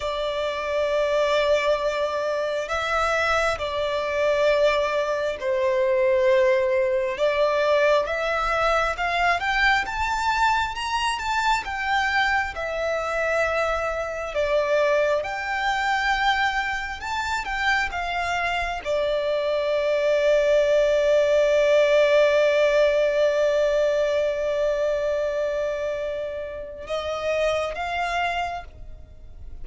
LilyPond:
\new Staff \with { instrumentName = "violin" } { \time 4/4 \tempo 4 = 67 d''2. e''4 | d''2 c''2 | d''4 e''4 f''8 g''8 a''4 | ais''8 a''8 g''4 e''2 |
d''4 g''2 a''8 g''8 | f''4 d''2.~ | d''1~ | d''2 dis''4 f''4 | }